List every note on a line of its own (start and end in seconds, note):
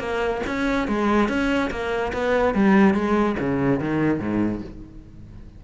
0.00 0.42 A#3
0.47 0.88 C#4
0.88 1.29 G#3
1.29 1.71 C#4
1.71 2.13 A#3
2.14 2.55 B3
2.55 2.95 G3
2.95 3.36 G#3
3.40 3.80 C#3
3.80 4.20 D#3
4.20 4.62 G#2